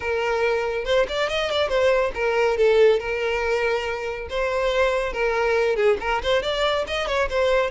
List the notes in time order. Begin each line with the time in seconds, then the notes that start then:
0.00 A#4
0.85 C5
1.08 D5
1.29 D#5
1.50 D5
1.68 C5
2.14 A#4
2.57 A4
2.99 A#4
4.29 C5
5.12 A#4
5.75 G#4
6.00 A#4
6.22 C5
6.42 D5
6.87 D#5
7.07 C#5
7.29 C5